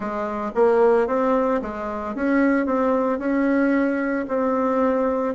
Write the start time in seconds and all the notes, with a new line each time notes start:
0.00 G#3
0.54 A#3
1.07 C4
1.61 G#3
2.15 C#4
2.65 C4
3.19 C#4
4.28 C4